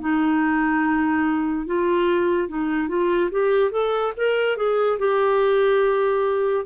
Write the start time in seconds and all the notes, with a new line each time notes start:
0.00 D#4
1.66 F4
2.48 D#4
2.89 F4
3.31 G4
3.71 A4
4.17 A#4
4.57 G#4
4.99 G4